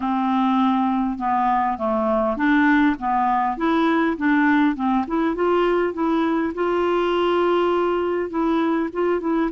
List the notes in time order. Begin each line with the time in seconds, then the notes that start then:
0.00 C4
1.18 B3
1.78 A3
2.36 D4
2.99 B3
3.57 E4
4.17 D4
4.75 C4
5.07 E4
5.35 F4
5.93 E4
6.54 F4
8.30 E4
8.93 F4
9.20 E4